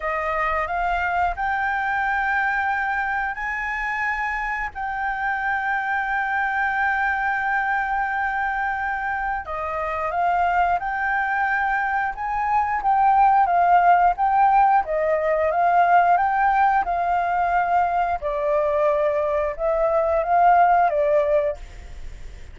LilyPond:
\new Staff \with { instrumentName = "flute" } { \time 4/4 \tempo 4 = 89 dis''4 f''4 g''2~ | g''4 gis''2 g''4~ | g''1~ | g''2 dis''4 f''4 |
g''2 gis''4 g''4 | f''4 g''4 dis''4 f''4 | g''4 f''2 d''4~ | d''4 e''4 f''4 d''4 | }